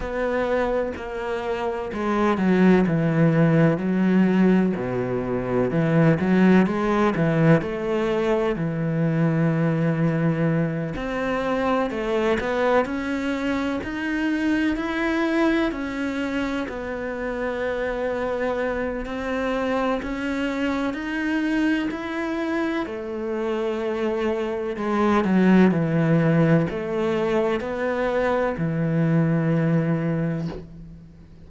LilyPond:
\new Staff \with { instrumentName = "cello" } { \time 4/4 \tempo 4 = 63 b4 ais4 gis8 fis8 e4 | fis4 b,4 e8 fis8 gis8 e8 | a4 e2~ e8 c'8~ | c'8 a8 b8 cis'4 dis'4 e'8~ |
e'8 cis'4 b2~ b8 | c'4 cis'4 dis'4 e'4 | a2 gis8 fis8 e4 | a4 b4 e2 | }